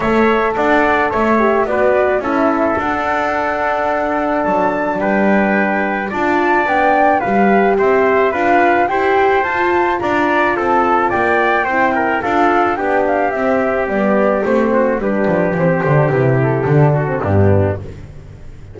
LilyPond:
<<
  \new Staff \with { instrumentName = "flute" } { \time 4/4 \tempo 4 = 108 e''4 fis''4 e''4 d''4 | e''4 fis''2. | a''4 g''2 a''4 | g''4 f''4 e''4 f''4 |
g''4 a''4 ais''4 a''4 | g''2 f''4 g''8 f''8 | e''4 d''4 c''4 b'4 | c''4 b'8 a'4. g'4 | }
  \new Staff \with { instrumentName = "trumpet" } { \time 4/4 cis''4 d''4 cis''4 b'4 | a'1~ | a'4 b'2 d''4~ | d''4 b'4 c''4 b'4 |
c''2 d''4 a'4 | d''4 c''8 ais'8 a'4 g'4~ | g'2~ g'8 fis'8 g'4~ | g'2~ g'8 fis'8 d'4 | }
  \new Staff \with { instrumentName = "horn" } { \time 4/4 a'2~ a'8 g'8 fis'4 | e'4 d'2.~ | d'2. f'4 | d'4 g'2 f'4 |
g'4 f'2.~ | f'4 e'4 f'4 d'4 | c'4 b4 c'4 d'4 | c'8 d'8 e'4 d'8. c'16 b4 | }
  \new Staff \with { instrumentName = "double bass" } { \time 4/4 a4 d'4 a4 b4 | cis'4 d'2. | fis4 g2 d'4 | b4 g4 c'4 d'4 |
e'4 f'4 d'4 c'4 | ais4 c'4 d'4 b4 | c'4 g4 a4 g8 f8 | e8 d8 c4 d4 g,4 | }
>>